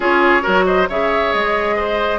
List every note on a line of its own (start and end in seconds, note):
0.00 0.43 C#4
0.00 0.42 F4
0.00 0.42 G#4
0.00 0.65 C#5
0.42 0.89 F#3
0.42 0.86 F#4
0.42 0.64 A#4
0.65 0.88 C5
0.65 0.87 D#5
0.88 1.33 C#3
0.88 2.19 G#4
0.88 1.75 C#5
0.88 1.33 E5
1.33 2.19 G#3
1.33 2.19 D#5
1.75 2.19 C5